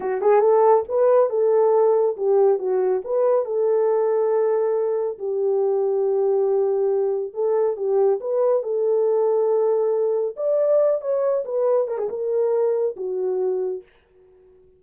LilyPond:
\new Staff \with { instrumentName = "horn" } { \time 4/4 \tempo 4 = 139 fis'8 gis'8 a'4 b'4 a'4~ | a'4 g'4 fis'4 b'4 | a'1 | g'1~ |
g'4 a'4 g'4 b'4 | a'1 | d''4. cis''4 b'4 ais'16 gis'16 | ais'2 fis'2 | }